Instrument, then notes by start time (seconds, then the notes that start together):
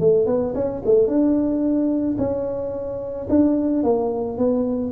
tuba
0.00 A3
0.27 B3
0.55 C#4
0.86 A3
1.08 D4
2.18 C#4
3.30 D4
3.84 A#3
4.38 B3